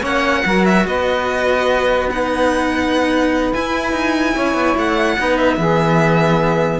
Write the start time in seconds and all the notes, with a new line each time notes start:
0.00 A#3 C#4 C#5 F#5
0.45 F#3 F#4 A#4
0.66 E5
0.86 B3 B4 D#5
2.10 D#4 F#5
3.53 E4 G#5
3.92 D#4
4.35 C#4 C#5
4.54 B3
4.77 A3 F#5
5.19 B3 D#4 B4
5.38 E5
5.57 E3 B3 G#4